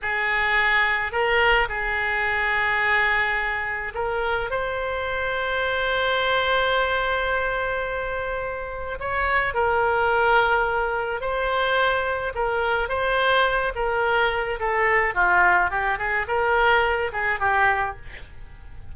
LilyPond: \new Staff \with { instrumentName = "oboe" } { \time 4/4 \tempo 4 = 107 gis'2 ais'4 gis'4~ | gis'2. ais'4 | c''1~ | c''1 |
cis''4 ais'2. | c''2 ais'4 c''4~ | c''8 ais'4. a'4 f'4 | g'8 gis'8 ais'4. gis'8 g'4 | }